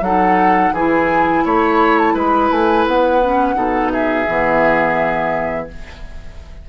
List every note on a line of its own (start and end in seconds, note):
0.00 0.71 F#3
0.00 0.75 D#4
0.00 0.73 A4
0.00 0.73 F#5
0.72 1.42 E3
0.72 3.22 E4
0.72 1.43 G#4
0.72 1.45 G#5
1.44 2.14 A3
1.44 2.14 C#5
1.44 1.98 B5
1.98 2.16 A5
2.14 2.50 G#3
2.14 3.55 B4
2.14 2.51 B5
2.51 2.86 A3
2.51 2.86 G#5
2.86 3.55 B3
2.86 3.91 F#5
3.22 3.55 C#4
3.55 4.25 B2
3.55 4.25 D#4
3.55 3.92 A4
3.91 5.68 G#4
3.91 5.68 E5
4.26 5.68 E3
4.26 5.68 B3